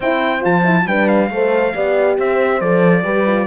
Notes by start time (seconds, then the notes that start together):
0.00 C4 E4 C5 G5
0.41 F3 F4 A5
0.65 E4
0.86 G3 D4 B4 G5
1.08 F5
1.30 A3 A4 C5
1.74 B3 G4 D5
2.18 C4 C5 E5
2.60 F3 A4 D5
3.03 G3 G4 B4
3.26 F4